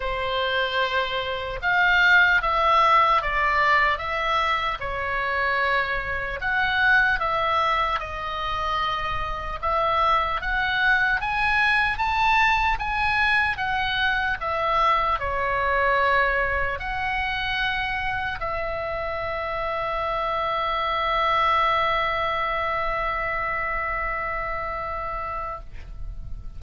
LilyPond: \new Staff \with { instrumentName = "oboe" } { \time 4/4 \tempo 4 = 75 c''2 f''4 e''4 | d''4 e''4 cis''2 | fis''4 e''4 dis''2 | e''4 fis''4 gis''4 a''4 |
gis''4 fis''4 e''4 cis''4~ | cis''4 fis''2 e''4~ | e''1~ | e''1 | }